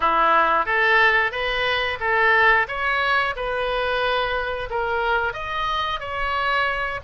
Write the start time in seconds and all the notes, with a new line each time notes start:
0.00 E4
0.65 A4
1.31 B4
2.00 A4
2.68 C#5
3.35 B4
4.70 A#4
5.33 D#5
6.00 C#5